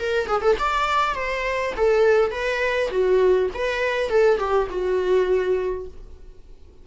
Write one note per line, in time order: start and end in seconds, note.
0.00 0.28 A#4
0.28 0.42 G#4
0.42 0.57 A4
0.59 1.15 D5
1.15 1.74 C5
1.77 2.32 A4
2.32 2.90 B4
2.91 3.50 F#4
3.54 4.10 B4
4.10 4.39 A4
4.39 4.68 G4
4.70 5.88 F#4